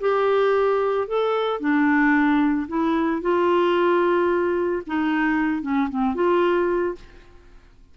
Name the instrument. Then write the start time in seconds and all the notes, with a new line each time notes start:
clarinet
0.00 G4
1.07 A4
1.60 D4
2.68 E4
3.21 F4
4.87 D#4
5.62 C#4
5.89 C4
6.15 F4